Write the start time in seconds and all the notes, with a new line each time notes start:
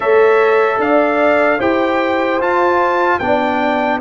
0.00 A3 A4 C#5 E5
0.79 D4 D5 F5
1.58 E4 G4 C5 G5
2.40 F4 A5
3.19 B3 D4 D5 G5